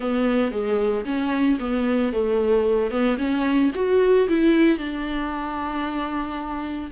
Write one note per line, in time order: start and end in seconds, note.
0.00 0.51 B3
0.51 1.05 G#3
1.05 1.58 C#4
1.59 2.12 B3
2.12 2.90 A3
2.90 3.17 B3
3.18 3.71 C#4
3.74 4.27 F#4
4.28 4.78 E4
4.78 6.90 D4